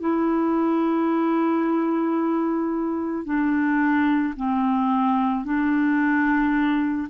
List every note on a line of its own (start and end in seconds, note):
0.00 3.25 E4
3.25 4.34 D4
4.36 5.44 C4
5.44 7.08 D4